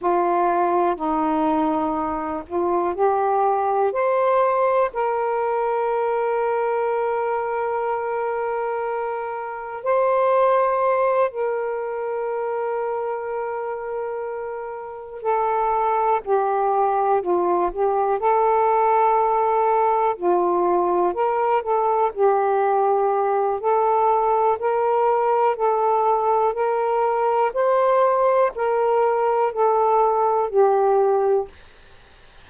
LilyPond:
\new Staff \with { instrumentName = "saxophone" } { \time 4/4 \tempo 4 = 61 f'4 dis'4. f'8 g'4 | c''4 ais'2.~ | ais'2 c''4. ais'8~ | ais'2.~ ais'8 a'8~ |
a'8 g'4 f'8 g'8 a'4.~ | a'8 f'4 ais'8 a'8 g'4. | a'4 ais'4 a'4 ais'4 | c''4 ais'4 a'4 g'4 | }